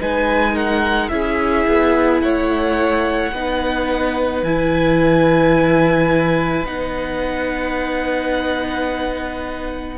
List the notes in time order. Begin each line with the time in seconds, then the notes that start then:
0.00 G#3 D#4 B4 G#5
0.53 A#4 F#5
1.08 C#4 E4 G#4 E5
1.67 B3
2.21 A3 C#5 F#5
3.32 B3 D#4 B4
4.43 E3 E4 G#5
6.65 B3 D#4 F#5